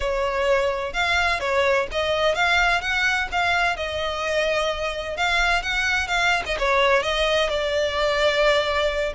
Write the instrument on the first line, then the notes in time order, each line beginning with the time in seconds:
violin
0.00 C#5
0.93 F5
1.40 C#5
1.91 D#5
2.34 F5
2.81 F#5
3.31 F5
3.76 D#5
5.16 F5
5.62 F#5
6.07 F5
6.46 D#5
6.58 C#5
7.02 D#5
7.49 D5